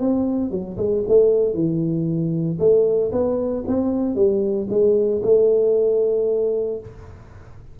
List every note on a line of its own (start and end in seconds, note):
0.00 0.51 C4
0.51 0.77 F#3
0.77 1.03 G#3
1.08 1.54 A3
1.54 2.58 E3
2.59 3.11 A3
3.12 3.64 B3
3.67 4.15 C4
4.15 4.67 G3
4.69 5.22 G#3
5.23 6.79 A3